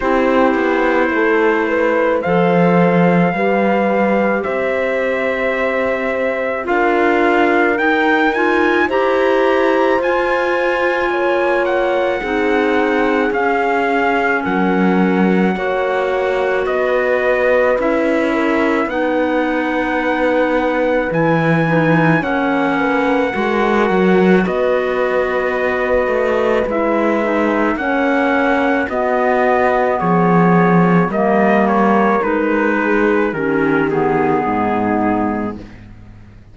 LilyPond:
<<
  \new Staff \with { instrumentName = "trumpet" } { \time 4/4 \tempo 4 = 54 c''2 f''2 | e''2 f''4 g''8 gis''8 | ais''4 gis''4. fis''4. | f''4 fis''2 dis''4 |
e''4 fis''2 gis''4 | fis''2 dis''2 | e''4 fis''4 dis''4 cis''4 | dis''8 cis''8 b'4 ais'8 gis'4. | }
  \new Staff \with { instrumentName = "horn" } { \time 4/4 g'4 a'8 b'8 c''4 b'4 | c''2 ais'2 | c''2 cis''4 gis'4~ | gis'4 ais'4 cis''4 b'4~ |
b'8 ais'8 b'2. | cis''8 b'8 ais'4 b'2~ | b'4 cis''4 fis'4 gis'4 | ais'4. gis'8 g'4 dis'4 | }
  \new Staff \with { instrumentName = "clarinet" } { \time 4/4 e'2 a'4 g'4~ | g'2 f'4 dis'8 f'8 | g'4 f'2 dis'4 | cis'2 fis'2 |
e'4 dis'2 e'8 dis'8 | cis'4 fis'2. | e'8 dis'8 cis'4 b2 | ais4 dis'4 cis'8 b4. | }
  \new Staff \with { instrumentName = "cello" } { \time 4/4 c'8 b8 a4 f4 g4 | c'2 d'4 dis'4 | e'4 f'4 ais4 c'4 | cis'4 fis4 ais4 b4 |
cis'4 b2 e4 | ais4 gis8 fis8 b4. a8 | gis4 ais4 b4 f4 | g4 gis4 dis4 gis,4 | }
>>